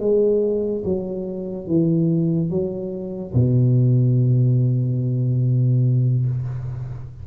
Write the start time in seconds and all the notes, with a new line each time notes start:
0.00 G#3
0.85 F#3
1.67 E3
2.50 F#3
3.34 B2